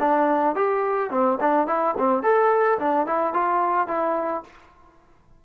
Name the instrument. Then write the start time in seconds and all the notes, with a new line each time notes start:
trombone
0.00 D4
0.56 G4
1.11 C4
1.41 D4
1.67 E4
1.98 C4
2.23 A4
2.79 D4
3.07 E4
3.34 F4
3.88 E4